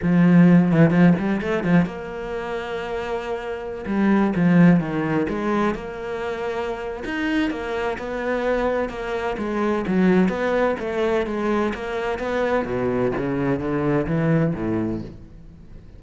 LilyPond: \new Staff \with { instrumentName = "cello" } { \time 4/4 \tempo 4 = 128 f4. e8 f8 g8 a8 f8 | ais1~ | ais16 g4 f4 dis4 gis8.~ | gis16 ais2~ ais8. dis'4 |
ais4 b2 ais4 | gis4 fis4 b4 a4 | gis4 ais4 b4 b,4 | cis4 d4 e4 a,4 | }